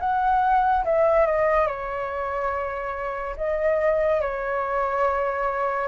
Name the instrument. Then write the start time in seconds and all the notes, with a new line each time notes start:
flute
0.00 F#5
0.85 E5
1.27 D#5
1.67 C#5
3.37 D#5
4.21 C#5